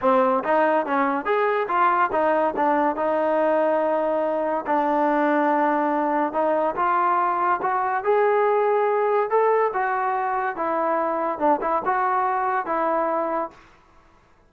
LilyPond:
\new Staff \with { instrumentName = "trombone" } { \time 4/4 \tempo 4 = 142 c'4 dis'4 cis'4 gis'4 | f'4 dis'4 d'4 dis'4~ | dis'2. d'4~ | d'2. dis'4 |
f'2 fis'4 gis'4~ | gis'2 a'4 fis'4~ | fis'4 e'2 d'8 e'8 | fis'2 e'2 | }